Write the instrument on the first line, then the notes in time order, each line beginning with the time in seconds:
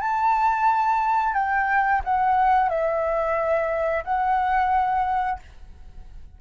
flute
0.00 A5
1.34 G5
2.04 F#5
2.69 E5
4.04 F#5